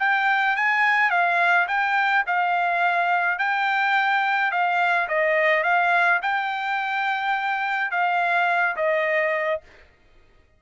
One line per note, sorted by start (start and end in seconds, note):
0.00 0.57 G5
0.57 1.11 G#5
1.11 1.67 F5
1.69 2.25 G5
2.27 3.39 F5
3.39 4.52 G5
4.52 5.08 F5
5.09 5.64 D#5
5.64 6.21 F5
6.23 7.91 G5
7.91 8.76 F5
8.77 9.61 D#5